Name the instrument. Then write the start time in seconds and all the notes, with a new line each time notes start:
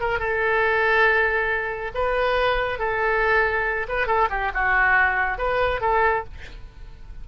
oboe
0.00 A#4
0.19 A4
1.94 B4
2.78 A4
3.88 B4
4.06 A4
4.30 G4
4.54 F#4
5.38 B4
5.81 A4